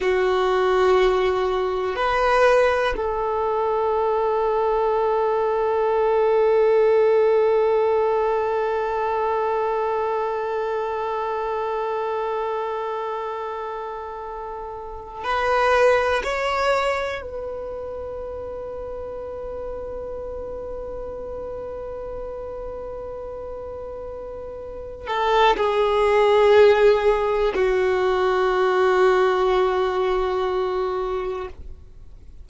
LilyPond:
\new Staff \with { instrumentName = "violin" } { \time 4/4 \tempo 4 = 61 fis'2 b'4 a'4~ | a'1~ | a'1~ | a'2.~ a'8 b'8~ |
b'8 cis''4 b'2~ b'8~ | b'1~ | b'4. a'8 gis'2 | fis'1 | }